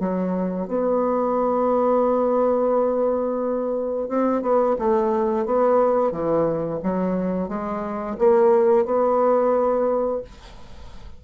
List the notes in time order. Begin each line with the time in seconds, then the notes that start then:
0.00 F#3
0.68 B3
4.09 C4
4.43 B3
4.79 A3
5.46 B3
6.12 E3
6.84 F#3
7.49 G#3
8.19 A#3
8.86 B3